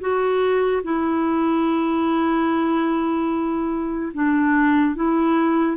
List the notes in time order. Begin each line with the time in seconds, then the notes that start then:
0.00 F#4
0.83 E4
4.14 D4
4.95 E4